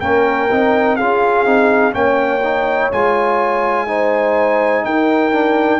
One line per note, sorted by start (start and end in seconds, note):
0.00 0.50 A#3
0.00 0.49 C#4
0.00 0.97 A#4
0.00 0.96 G5
0.51 0.99 C4
0.51 0.99 D#4
0.96 1.46 C#4
0.96 1.46 F4
0.96 1.94 G#4
0.96 1.93 F5
1.46 1.94 C4
1.46 1.92 D#4
1.92 2.91 A#3
1.92 2.40 C#4
1.92 3.88 C#5
1.92 2.91 G5
2.43 2.91 D#4
2.92 4.84 G#3
2.92 3.87 F4
2.92 4.85 G#5
3.87 5.32 D#4
3.87 4.85 C5
4.84 5.80 D#4
4.84 5.80 A#4
4.84 5.80 G5
5.32 5.80 D4